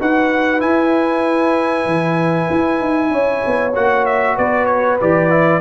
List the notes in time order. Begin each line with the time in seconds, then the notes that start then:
0.00 D#4 F#4 B4 F#5
0.60 E4 G#5
1.86 E3
2.50 E4
2.81 D#4
3.11 C#4 C#5
3.47 B3
3.75 A#3 F#4 F#5
4.06 E5
4.36 B3 B4 D5
4.66 C#5
5.00 E3 G4 D5
5.30 E4